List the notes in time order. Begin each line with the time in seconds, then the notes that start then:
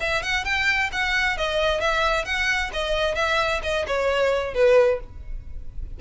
0.00 E5
0.23 F#5
0.45 G5
0.92 F#5
1.37 D#5
1.80 E5
2.25 F#5
2.73 D#5
3.15 E5
3.63 D#5
3.87 C#5
4.54 B4